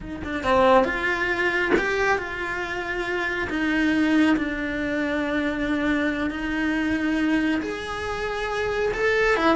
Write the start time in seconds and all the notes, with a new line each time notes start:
0.01 D#4
0.24 D4
0.43 C4
0.84 F4
1.78 G4
2.17 F4
3.49 D#4
4.36 D4
6.30 D#4
7.61 G#4
8.93 A4
9.36 E4